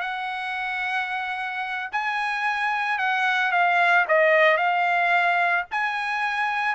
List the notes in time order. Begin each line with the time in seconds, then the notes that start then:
0.00 F#5
1.92 G#5
2.98 F#5
3.51 F5
4.07 D#5
4.57 F5
5.71 G#5